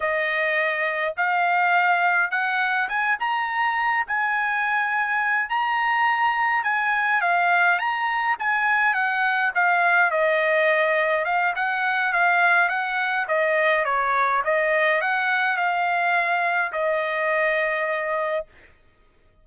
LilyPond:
\new Staff \with { instrumentName = "trumpet" } { \time 4/4 \tempo 4 = 104 dis''2 f''2 | fis''4 gis''8 ais''4. gis''4~ | gis''4. ais''2 gis''8~ | gis''8 f''4 ais''4 gis''4 fis''8~ |
fis''8 f''4 dis''2 f''8 | fis''4 f''4 fis''4 dis''4 | cis''4 dis''4 fis''4 f''4~ | f''4 dis''2. | }